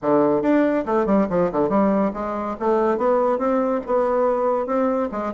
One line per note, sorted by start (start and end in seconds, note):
0.02 0.42 D3
0.42 0.84 D4
0.85 1.06 A3
1.06 1.27 G3
1.29 1.50 F3
1.52 1.69 D3
1.69 2.11 G3
2.13 2.56 G#3
2.59 2.97 A3
2.97 3.38 B3
3.38 3.80 C4
3.86 4.66 B3
4.66 5.09 C4
5.11 5.32 G#3